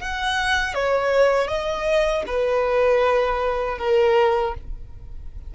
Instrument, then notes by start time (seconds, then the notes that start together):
violin
0.00 F#5
0.74 C#5
1.47 D#5
2.26 B4
3.78 A#4